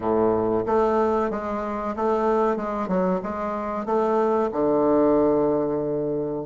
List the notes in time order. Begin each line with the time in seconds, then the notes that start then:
0.00 A2
0.65 A3
1.30 G#3
1.95 A3
2.56 G#3
2.88 F#3
3.22 G#3
3.85 A3
4.52 D3